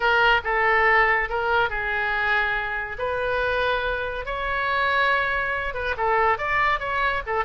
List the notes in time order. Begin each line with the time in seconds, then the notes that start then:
0.00 A#4
0.44 A4
1.29 A#4
1.69 G#4
2.98 B4
4.25 C#5
5.74 B4
5.97 A4
6.38 D5
6.79 C#5
7.26 A4